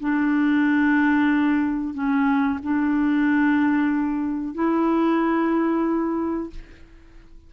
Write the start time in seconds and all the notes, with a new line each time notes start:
0.00 D4
1.94 C#4
2.63 D4
4.54 E4